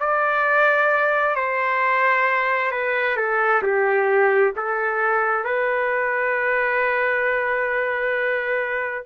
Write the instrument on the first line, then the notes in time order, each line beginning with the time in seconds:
trumpet
0.00 D5
1.36 C5
2.71 B4
3.17 A4
3.63 G4
4.57 A4
5.45 B4